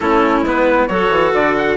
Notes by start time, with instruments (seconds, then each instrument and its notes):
0.00 bassoon A3, cello C#4, clarinet E4, trumpet A4
0.41 bassoon G#3, cello B3, trumpet B4
0.87 bassoon F#3, cello F#4, clarinet A4, trumpet C#5
1.09 bassoon E3
1.33 bassoon D3, trumpet D5
1.58 trumpet F#5